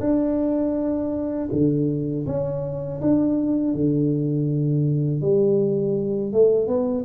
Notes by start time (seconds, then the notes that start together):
0.00 D4
1.52 D3
2.27 C#4
3.01 D4
3.74 D3
5.21 G3
6.33 A3
6.67 B3